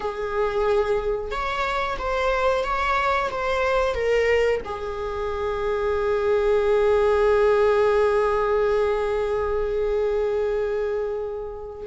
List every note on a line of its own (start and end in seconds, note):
0.00 1.31 G#4
1.31 1.97 C#5
1.98 2.64 C5
2.64 3.30 C#5
3.30 3.94 C5
3.94 4.60 A#4
4.65 11.86 G#4